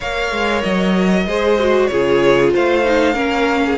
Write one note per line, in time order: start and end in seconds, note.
0.00 0.31 A#3
0.00 1.28 A#4
0.00 1.26 C#5
0.00 0.62 F5
0.31 0.63 G#3
0.62 1.26 F#3
0.62 1.87 D#5
1.26 1.89 G#3
1.26 1.59 G#4
1.26 1.90 C5
1.59 1.91 F#4
1.87 2.54 C#3
1.87 2.84 F4
1.87 2.53 G#4
1.87 2.50 C#5
2.53 3.15 A3
2.53 3.14 C5
2.53 3.78 F5
2.84 3.14 D#4
3.14 3.78 A#3
3.14 3.77 C#4
3.14 3.61 A#4
3.65 3.78 G#4